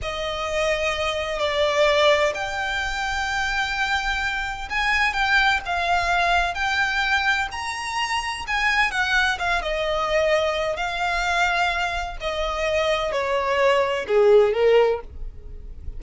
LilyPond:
\new Staff \with { instrumentName = "violin" } { \time 4/4 \tempo 4 = 128 dis''2. d''4~ | d''4 g''2.~ | g''2 gis''4 g''4 | f''2 g''2 |
ais''2 gis''4 fis''4 | f''8 dis''2~ dis''8 f''4~ | f''2 dis''2 | cis''2 gis'4 ais'4 | }